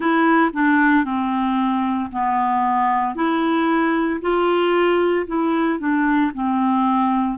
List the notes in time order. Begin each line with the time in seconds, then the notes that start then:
0.00 E4
0.53 D4
1.04 C4
2.11 B3
3.15 E4
4.21 F4
5.26 E4
5.79 D4
6.33 C4